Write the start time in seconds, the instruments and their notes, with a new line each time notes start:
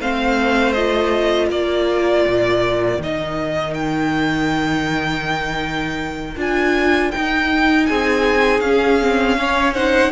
0.00 cello A3, viola C4, violin C5 F5
0.73 viola F4, violin D#5
1.49 cello A#3, violin A#4 D5
2.27 cello A#2
2.98 cello D#3, viola D#4, violin D#5
3.74 violin G5
6.36 cello D4, viola F4, violin G#5
7.11 viola D#4, cello D#4, violin G5
7.86 cello C4, violin G#4 G#5
8.60 cello C#4, viola C#4, violin F5
9.01 viola C4
9.38 viola C#4, violin C#5
9.74 viola D#4, violin C5 F#5